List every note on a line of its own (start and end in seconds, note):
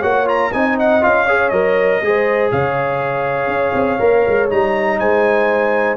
0.00 0.53 A#3
0.00 0.27 F#4
0.00 0.50 C#5
0.00 0.27 F#5
0.27 0.51 F4
0.27 0.53 A#5
0.53 1.04 C4
0.53 1.01 D#4
0.53 1.26 D#5
0.53 0.77 G#5
0.79 1.04 F#5
1.01 1.52 C#4
1.01 1.26 F4
1.01 1.50 F5
1.26 1.53 G#4
1.26 2.00 C#5
1.50 2.01 F#3
1.50 2.02 A#4
1.50 2.49 D#5
2.02 2.51 G#3
2.02 3.99 G#4
2.02 2.52 C5
2.52 3.47 C#3
2.52 5.00 C#5
2.52 4.50 F5
3.47 3.72 C#4
3.74 3.99 C4
3.99 4.25 A#3
3.99 4.49 A#4
4.28 4.51 G#3
4.49 5.00 G3
4.49 5.97 D#4
4.49 4.99 A#5
4.99 5.97 G#3
4.99 5.97 C5
4.99 5.97 G#5